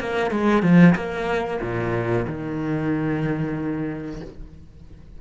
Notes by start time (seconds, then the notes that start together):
0.00 A#3
0.31 G#3
0.62 F3
0.95 A#3
1.62 A#2
2.28 D#3